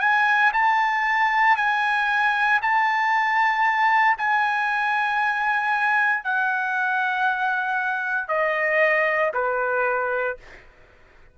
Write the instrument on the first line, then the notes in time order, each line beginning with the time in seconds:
trumpet
0.00 G#5
0.53 A5
1.56 G#5
2.61 A5
4.18 G#5
6.24 F#5
8.28 D#5
9.33 B4